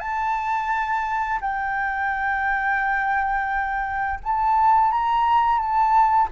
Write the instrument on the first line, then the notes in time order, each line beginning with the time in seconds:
flute
0.00 A5
1.41 G5
4.24 A5
4.92 A#5
5.59 A5